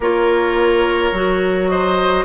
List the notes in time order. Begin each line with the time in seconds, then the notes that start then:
0.00 A#3 F4 A#4 C#5
1.12 F#3 F#4
1.68 C5 D#5